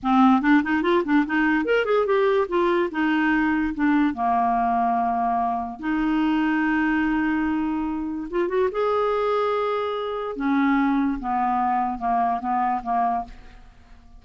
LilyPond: \new Staff \with { instrumentName = "clarinet" } { \time 4/4 \tempo 4 = 145 c'4 d'8 dis'8 f'8 d'8 dis'4 | ais'8 gis'8 g'4 f'4 dis'4~ | dis'4 d'4 ais2~ | ais2 dis'2~ |
dis'1 | f'8 fis'8 gis'2.~ | gis'4 cis'2 b4~ | b4 ais4 b4 ais4 | }